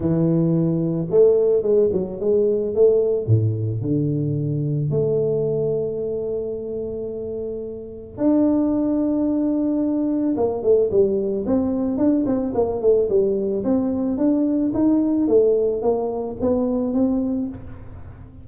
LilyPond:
\new Staff \with { instrumentName = "tuba" } { \time 4/4 \tempo 4 = 110 e2 a4 gis8 fis8 | gis4 a4 a,4 d4~ | d4 a2.~ | a2. d'4~ |
d'2. ais8 a8 | g4 c'4 d'8 c'8 ais8 a8 | g4 c'4 d'4 dis'4 | a4 ais4 b4 c'4 | }